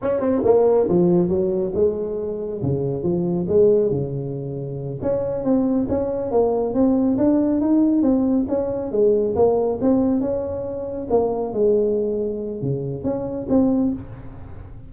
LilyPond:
\new Staff \with { instrumentName = "tuba" } { \time 4/4 \tempo 4 = 138 cis'8 c'8 ais4 f4 fis4 | gis2 cis4 f4 | gis4 cis2~ cis8 cis'8~ | cis'8 c'4 cis'4 ais4 c'8~ |
c'8 d'4 dis'4 c'4 cis'8~ | cis'8 gis4 ais4 c'4 cis'8~ | cis'4. ais4 gis4.~ | gis4 cis4 cis'4 c'4 | }